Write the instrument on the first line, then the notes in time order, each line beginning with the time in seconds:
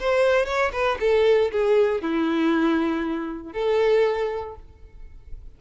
violin
0.00 C5
0.46 C#5
0.73 B4
1.00 A4
1.52 G#4
2.02 E4
3.53 A4